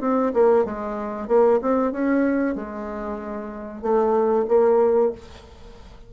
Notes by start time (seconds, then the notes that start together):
0.00 C4
0.33 A#3
0.65 G#3
1.27 A#3
1.61 C4
1.91 C#4
2.55 G#3
3.82 A3
4.48 A#3